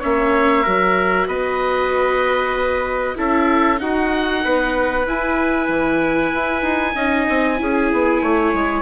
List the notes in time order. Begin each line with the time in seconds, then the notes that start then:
0.00 A#3 C#4 C#5 E5
0.63 F#3 F#4 A#4
1.28 B3 B4 D#5
3.16 C#4 E4 A4 E5
3.78 D#4 F#4 F#5
4.44 B3 B4
5.06 E4 G#5
5.69 E3
6.34 E4
6.62 D#4
6.96 C#4 D#4 D#5
7.29 C4
7.57 C#4 E4 G#4
7.93 B3
8.22 A3 C#5
8.54 G#3